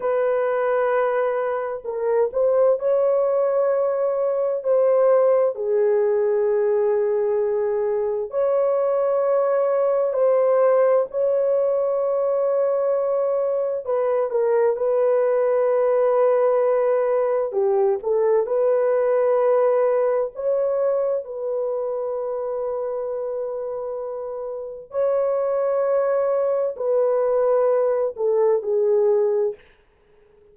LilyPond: \new Staff \with { instrumentName = "horn" } { \time 4/4 \tempo 4 = 65 b'2 ais'8 c''8 cis''4~ | cis''4 c''4 gis'2~ | gis'4 cis''2 c''4 | cis''2. b'8 ais'8 |
b'2. g'8 a'8 | b'2 cis''4 b'4~ | b'2. cis''4~ | cis''4 b'4. a'8 gis'4 | }